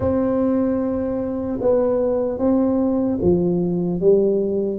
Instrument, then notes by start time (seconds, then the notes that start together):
tuba
0.00 C4
1.61 B3
2.38 C4
3.21 F3
4.00 G3